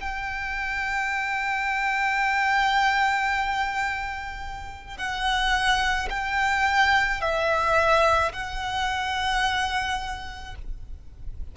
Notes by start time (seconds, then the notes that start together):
0.00 G5
4.97 F#5
6.10 G5
7.21 E5
8.32 F#5